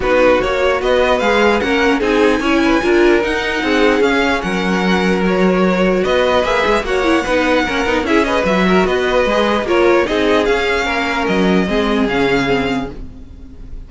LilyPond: <<
  \new Staff \with { instrumentName = "violin" } { \time 4/4 \tempo 4 = 149 b'4 cis''4 dis''4 f''4 | fis''4 gis''2. | fis''2 f''4 fis''4~ | fis''4 cis''2 dis''4 |
e''4 fis''2. | e''8 dis''8 e''4 dis''2 | cis''4 dis''4 f''2 | dis''2 f''2 | }
  \new Staff \with { instrumentName = "violin" } { \time 4/4 fis'2 b'2 | ais'4 gis'4 cis''8 b'8 ais'4~ | ais'4 gis'2 ais'4~ | ais'2. b'4~ |
b'4 cis''4 b'4 ais'4 | gis'8 b'4 ais'8 b'2 | ais'4 gis'2 ais'4~ | ais'4 gis'2. | }
  \new Staff \with { instrumentName = "viola" } { \time 4/4 dis'4 fis'2 gis'4 | cis'4 dis'4 e'4 f'4 | dis'2 cis'2~ | cis'4 fis'2. |
gis'4 fis'8 e'8 dis'4 cis'8 dis'8 | e'8 gis'8 fis'2 gis'4 | f'4 dis'4 cis'2~ | cis'4 c'4 cis'4 c'4 | }
  \new Staff \with { instrumentName = "cello" } { \time 4/4 b4 ais4 b4 gis4 | ais4 c'4 cis'4 d'4 | dis'4 c'4 cis'4 fis4~ | fis2. b4 |
ais8 gis8 ais4 b4 ais8 b8 | cis'4 fis4 b4 gis4 | ais4 c'4 cis'4 ais4 | fis4 gis4 cis2 | }
>>